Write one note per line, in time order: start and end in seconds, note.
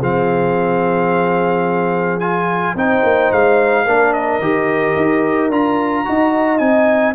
0.00 2.75 F3
0.00 2.21 C4
0.00 2.75 G#4
0.00 2.20 F5
2.20 2.76 F4
2.20 2.75 G#5
2.75 3.03 C4
2.75 3.87 D#4
2.75 3.85 C5
2.75 3.32 G5
3.04 3.31 A#3
3.32 3.87 G#3
3.32 4.14 F5
3.85 4.40 A#3
3.85 4.42 D4
3.85 6.05 A#4
4.14 5.51 D#5
4.40 4.95 D#3
4.40 5.52 G4
4.96 5.50 D#4
5.50 6.05 D4
5.50 6.05 F4
5.50 6.59 A#5
6.05 6.60 D#4
6.05 6.60 F#4
6.05 7.15 D#5
6.59 7.15 C4
6.59 7.15 D#4
6.59 7.14 G#5